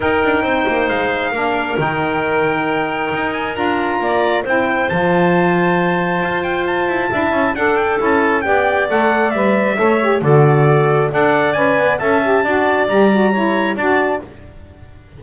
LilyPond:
<<
  \new Staff \with { instrumentName = "trumpet" } { \time 4/4 \tempo 4 = 135 g''2 f''2 | g''2.~ g''8 gis''8 | ais''2 g''4 a''4~ | a''2~ a''8 g''8 a''4~ |
a''4 fis''8 g''8 a''4 g''4 | fis''4 e''2 d''4~ | d''4 fis''4 gis''4 a''4~ | a''4 ais''2 a''4 | }
  \new Staff \with { instrumentName = "clarinet" } { \time 4/4 ais'4 c''2 ais'4~ | ais'1~ | ais'4 d''4 c''2~ | c''1 |
e''4 a'2 d''4~ | d''2 cis''4 a'4~ | a'4 d''2 e''4 | d''2 cis''4 d''4 | }
  \new Staff \with { instrumentName = "saxophone" } { \time 4/4 dis'2. d'4 | dis'1 | f'2 e'4 f'4~ | f'1 |
e'4 d'4 e'4 g'4 | a'4 b'4 a'8 g'8 fis'4~ | fis'4 a'4 b'4 a'8 g'8 | fis'4 g'8 fis'8 e'4 fis'4 | }
  \new Staff \with { instrumentName = "double bass" } { \time 4/4 dis'8 d'8 c'8 ais8 gis4 ais4 | dis2. dis'4 | d'4 ais4 c'4 f4~ | f2 f'4. e'8 |
d'8 cis'8 d'4 cis'4 b4 | a4 g4 a4 d4~ | d4 d'4 cis'8 b8 cis'4 | d'4 g2 d'4 | }
>>